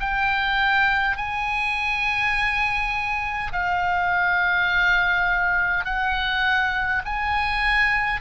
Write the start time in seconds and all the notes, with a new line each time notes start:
0.00 G5
1.17 G#5
3.52 F5
5.84 F#5
7.05 G#5